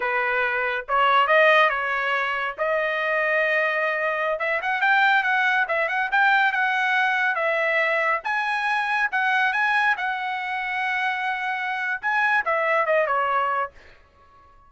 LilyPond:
\new Staff \with { instrumentName = "trumpet" } { \time 4/4 \tempo 4 = 140 b'2 cis''4 dis''4 | cis''2 dis''2~ | dis''2~ dis''16 e''8 fis''8 g''8.~ | g''16 fis''4 e''8 fis''8 g''4 fis''8.~ |
fis''4~ fis''16 e''2 gis''8.~ | gis''4~ gis''16 fis''4 gis''4 fis''8.~ | fis''1 | gis''4 e''4 dis''8 cis''4. | }